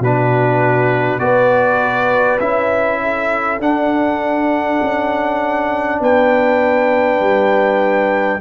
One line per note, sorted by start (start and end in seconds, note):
0.00 1.19 B2
0.00 1.20 D4
0.00 1.21 F#4
0.00 1.19 B4
1.19 2.39 B3
1.19 2.40 F#4
1.19 3.02 B4
1.19 2.39 D5
2.40 3.60 C#4
2.40 3.60 E4
2.40 3.60 E5
3.02 6.01 A4
3.60 4.80 D4
3.60 8.40 D4
3.60 6.02 F#5
4.82 6.00 C#4
6.00 7.20 B3
6.00 8.41 B4
6.00 8.41 G5
7.20 8.40 G3